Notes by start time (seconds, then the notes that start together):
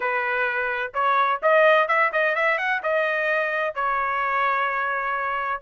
0.00 B4
0.94 C#5
1.42 D#5
1.88 E5
2.12 D#5
2.35 E5
2.58 F#5
2.83 D#5
3.75 C#5